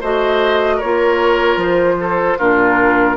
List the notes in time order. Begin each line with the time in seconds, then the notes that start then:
0.00 A3 F#4 C5 D#5
0.76 A#4 C#5
0.83 A#3 F4
1.56 F3 C5
2.00 A4
2.38 A#2 D4 F4 A#4